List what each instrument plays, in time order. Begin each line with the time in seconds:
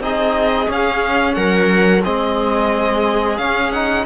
0.00 cello C4, trombone D#4, viola G#4, violin D#5
0.67 trombone C#4, cello C#4, violin F5
1.35 cello F#3, viola A#4, violin F#5
2.04 cello G#3, trombone C4, viola G#4, violin D#5
3.38 cello C#4, trombone C#4, violin F5
3.71 trombone D#4, violin F#5